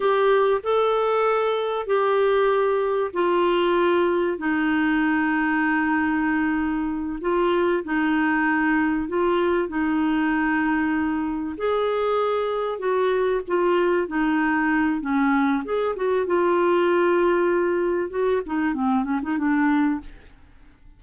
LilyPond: \new Staff \with { instrumentName = "clarinet" } { \time 4/4 \tempo 4 = 96 g'4 a'2 g'4~ | g'4 f'2 dis'4~ | dis'2.~ dis'8 f'8~ | f'8 dis'2 f'4 dis'8~ |
dis'2~ dis'8 gis'4.~ | gis'8 fis'4 f'4 dis'4. | cis'4 gis'8 fis'8 f'2~ | f'4 fis'8 dis'8 c'8 cis'16 dis'16 d'4 | }